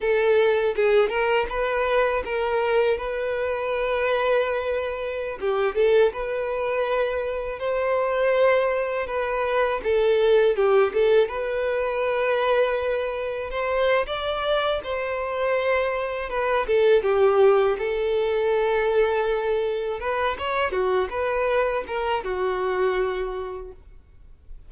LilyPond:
\new Staff \with { instrumentName = "violin" } { \time 4/4 \tempo 4 = 81 a'4 gis'8 ais'8 b'4 ais'4 | b'2.~ b'16 g'8 a'16~ | a'16 b'2 c''4.~ c''16~ | c''16 b'4 a'4 g'8 a'8 b'8.~ |
b'2~ b'16 c''8. d''4 | c''2 b'8 a'8 g'4 | a'2. b'8 cis''8 | fis'8 b'4 ais'8 fis'2 | }